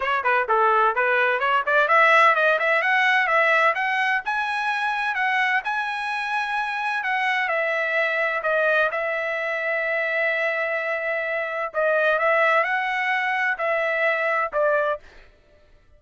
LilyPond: \new Staff \with { instrumentName = "trumpet" } { \time 4/4 \tempo 4 = 128 cis''8 b'8 a'4 b'4 cis''8 d''8 | e''4 dis''8 e''8 fis''4 e''4 | fis''4 gis''2 fis''4 | gis''2. fis''4 |
e''2 dis''4 e''4~ | e''1~ | e''4 dis''4 e''4 fis''4~ | fis''4 e''2 d''4 | }